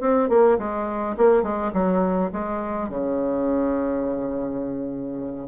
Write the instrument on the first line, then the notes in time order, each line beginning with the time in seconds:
bassoon
0.00 C4
0.29 A#3
0.58 G#3
1.17 A#3
1.43 G#3
1.73 F#3
2.32 G#3
2.89 C#3